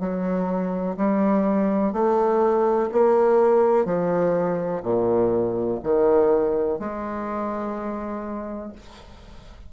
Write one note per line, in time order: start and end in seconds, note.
0.00 0.97 F#3
0.97 1.93 G3
1.93 2.90 A3
2.92 3.85 A#3
3.85 4.82 F3
4.83 5.80 A#2
5.84 6.79 D#3
6.79 8.73 G#3